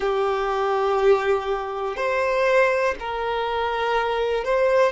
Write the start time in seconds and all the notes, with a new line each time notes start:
0.00 G4
1.96 C5
3.00 A#4
4.44 C5